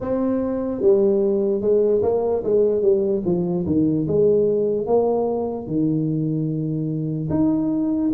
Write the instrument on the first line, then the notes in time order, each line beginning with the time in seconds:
tuba
0.00 C4
0.81 G3
1.61 G#3
2.02 A#3
2.43 G#3
2.82 G3
3.25 F3
3.66 D#3
4.07 G#3
4.86 A#3
5.66 D#3
7.30 D#4